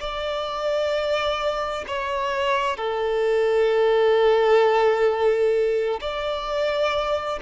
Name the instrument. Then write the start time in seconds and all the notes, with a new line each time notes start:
violin
0.00 D5
1.87 C#5
2.77 A4
6.01 D5